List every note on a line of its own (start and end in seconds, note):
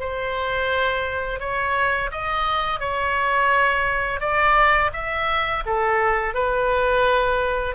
0.00 1.40 C5
1.40 2.10 C#5
2.12 2.80 D#5
2.80 4.20 C#5
4.20 4.91 D5
4.93 5.64 E5
5.66 6.34 A4
6.34 7.76 B4